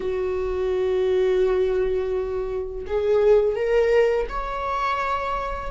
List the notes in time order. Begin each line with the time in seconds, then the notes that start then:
0.00 F#4
2.86 G#4
3.55 A#4
4.29 C#5